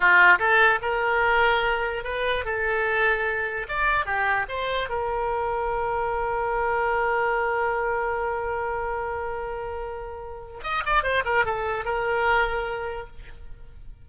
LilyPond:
\new Staff \with { instrumentName = "oboe" } { \time 4/4 \tempo 4 = 147 f'4 a'4 ais'2~ | ais'4 b'4 a'2~ | a'4 d''4 g'4 c''4 | ais'1~ |
ais'1~ | ais'1~ | ais'2 dis''8 d''8 c''8 ais'8 | a'4 ais'2. | }